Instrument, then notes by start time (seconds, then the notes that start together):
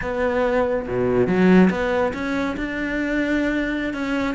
cello
0.01 B3
0.87 B2
1.27 F#3
1.70 B3
2.13 C#4
2.56 D4
3.93 C#4